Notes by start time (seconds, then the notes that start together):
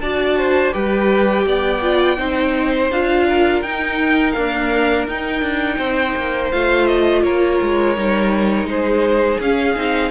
0.00 D4 F#4 D5 A5
0.37 C5
0.72 G3 G4 B4 G5
1.45 B3 D5
1.81 F4
2.17 C4 D#4 C5
2.90 D4 F4 F5
3.28 A#4
3.62 D#4 G5
4.31 A#3 D4 F5
5.07 D#4 G5
5.41 D4
5.77 C4 C5
6.15 A#3
6.51 A3 F4 F5
6.87 D#5
7.22 A#3 A#4 C#5
7.62 G#3
7.96 G3 D#4
8.64 G#3 G#4 C5
9.39 C#4 F5
9.75 C4 D#4